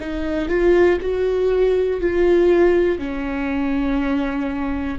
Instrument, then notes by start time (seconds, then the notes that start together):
viola
0.00 D#4
0.49 F4
1.01 F#4
2.01 F4
2.99 C#4